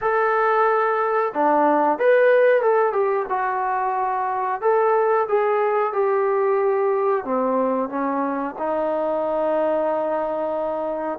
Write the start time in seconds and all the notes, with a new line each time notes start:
0.01 A4
1.34 D4
1.98 B4
2.61 A4
2.93 G4
3.29 F#4
4.61 A4
5.28 G#4
5.93 G4
7.24 C4
7.89 C#4
8.58 D#4